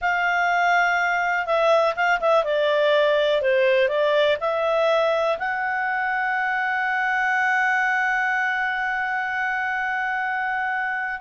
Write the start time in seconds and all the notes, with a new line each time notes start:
0.01 F5
1.46 E5
1.95 F5
2.20 E5
2.43 D5
3.41 C5
3.88 D5
4.40 E5
5.38 F#5